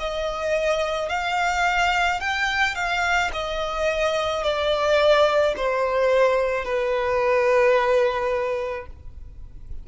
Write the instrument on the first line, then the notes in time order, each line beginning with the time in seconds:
violin
0.00 D#5
1.10 F5
2.21 G5
2.76 F5
3.33 D#5
4.43 D5
5.57 C5
6.65 B4